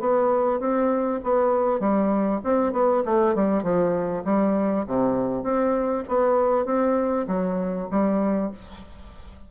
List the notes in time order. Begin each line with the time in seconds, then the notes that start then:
0.00 B3
0.60 C4
1.23 B3
1.80 G3
2.44 C4
2.73 B3
3.05 A3
3.35 G3
3.63 F3
4.25 G3
4.87 C3
5.44 C4
6.09 B3
6.66 C4
7.28 F#3
7.91 G3